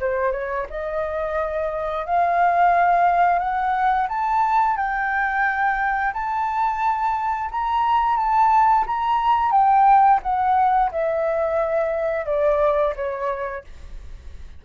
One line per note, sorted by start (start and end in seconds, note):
0.00 0.32 C5
0.32 0.66 C#5
0.69 2.06 D#5
2.06 3.39 F5
3.39 4.07 F#5
4.08 4.76 A5
4.76 6.13 G5
6.13 7.49 A5
7.51 8.17 A#5
8.17 8.85 A5
8.86 9.51 A#5
9.51 10.20 G5
10.22 10.91 F#5
10.91 12.26 E5
12.26 12.94 D5
12.96 13.64 C#5